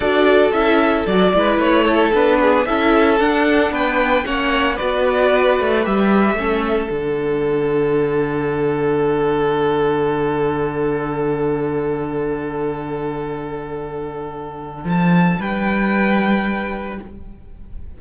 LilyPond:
<<
  \new Staff \with { instrumentName = "violin" } { \time 4/4 \tempo 4 = 113 d''4 e''4 d''4 cis''4 | b'4 e''4 fis''4 g''4 | fis''4 d''2 e''4~ | e''4 fis''2.~ |
fis''1~ | fis''1~ | fis''1 | a''4 g''2. | }
  \new Staff \with { instrumentName = "violin" } { \time 4/4 a'2~ a'8 b'4 a'8~ | a'8 gis'8 a'2 b'4 | cis''4 b'2. | a'1~ |
a'1~ | a'1~ | a'1~ | a'4 b'2. | }
  \new Staff \with { instrumentName = "viola" } { \time 4/4 fis'4 e'4 fis'8 e'4. | d'4 e'4 d'2 | cis'4 fis'2 g'4 | cis'4 d'2.~ |
d'1~ | d'1~ | d'1~ | d'1 | }
  \new Staff \with { instrumentName = "cello" } { \time 4/4 d'4 cis'4 fis8 gis8 a4 | b4 cis'4 d'4 b4 | ais4 b4. a8 g4 | a4 d2.~ |
d1~ | d1~ | d1 | f4 g2. | }
>>